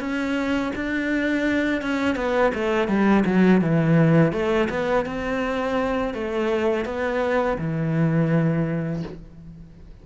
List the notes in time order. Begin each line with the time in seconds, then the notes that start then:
0.00 C#4
0.75 D4
1.81 C#4
2.16 B3
2.55 A3
2.88 G3
3.25 F#3
3.61 E3
4.32 A3
4.70 B3
5.06 C4
6.14 A3
6.85 B3
7.58 E3